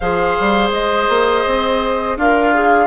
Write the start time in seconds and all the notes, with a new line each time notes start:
0.00 F3 G#4 C5 F5
0.40 G3
0.71 G#3 D#5
1.08 A#3
1.45 C4
2.16 D4 F4 A#4 F5
2.54 G#4